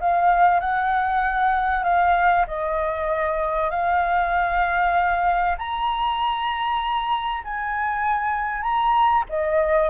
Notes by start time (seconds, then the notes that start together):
0.00 F5
0.60 F#5
1.83 F5
2.47 D#5
3.70 F5
5.58 A#5
7.44 G#5
8.62 A#5
9.29 D#5